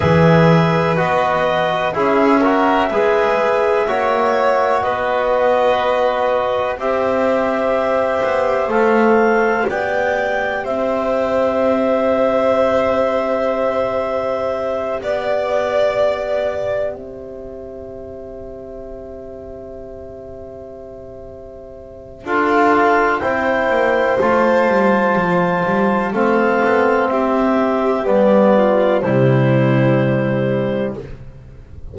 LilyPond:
<<
  \new Staff \with { instrumentName = "clarinet" } { \time 4/4 \tempo 4 = 62 e''4 dis''4 e''2~ | e''4 dis''2 e''4~ | e''4 f''4 g''4 e''4~ | e''2.~ e''8 d''8~ |
d''4. e''2~ e''8~ | e''2. f''4 | g''4 a''2 f''4 | e''4 d''4 c''2 | }
  \new Staff \with { instrumentName = "violin" } { \time 4/4 b'2 gis'8 ais'8 b'4 | cis''4 b'2 c''4~ | c''2 d''4 c''4~ | c''2.~ c''8 d''8~ |
d''4. c''2~ c''8~ | c''2. a'4 | c''2. a'4 | g'4. f'8 e'2 | }
  \new Staff \with { instrumentName = "trombone" } { \time 4/4 gis'4 fis'4 e'8 fis'8 gis'4 | fis'2. g'4~ | g'4 a'4 g'2~ | g'1~ |
g'1~ | g'2. f'4 | e'4 f'2 c'4~ | c'4 b4 g2 | }
  \new Staff \with { instrumentName = "double bass" } { \time 4/4 e4 b4 cis'4 gis4 | ais4 b2 c'4~ | c'8 b8 a4 b4 c'4~ | c'2.~ c'8 b8~ |
b4. c'2~ c'8~ | c'2. d'4 | c'8 ais8 a8 g8 f8 g8 a8 b8 | c'4 g4 c2 | }
>>